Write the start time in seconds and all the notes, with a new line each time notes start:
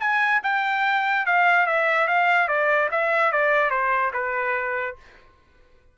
0.00 G#5
0.43 G5
1.26 F5
1.66 E5
2.07 F5
2.48 D5
2.91 E5
3.32 D5
3.70 C5
4.13 B4